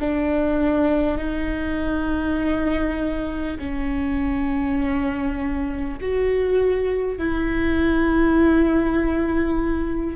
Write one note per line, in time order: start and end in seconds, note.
0.00 1.17 D4
1.17 3.57 D#4
3.58 5.98 C#4
6.01 7.18 F#4
7.18 10.16 E4